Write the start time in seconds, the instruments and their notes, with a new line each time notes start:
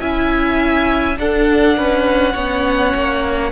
0.00 cello C#4, viola E4, violin E5 G#5
1.16 viola D4, cello D4, violin A4 F#5
1.77 cello C#4, violin B4
2.33 cello B3, viola C#4, violin C#5
2.94 cello A#3